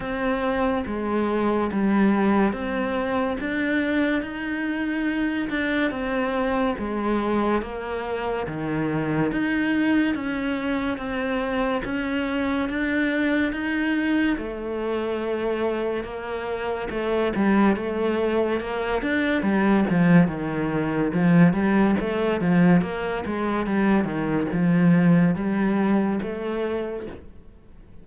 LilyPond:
\new Staff \with { instrumentName = "cello" } { \time 4/4 \tempo 4 = 71 c'4 gis4 g4 c'4 | d'4 dis'4. d'8 c'4 | gis4 ais4 dis4 dis'4 | cis'4 c'4 cis'4 d'4 |
dis'4 a2 ais4 | a8 g8 a4 ais8 d'8 g8 f8 | dis4 f8 g8 a8 f8 ais8 gis8 | g8 dis8 f4 g4 a4 | }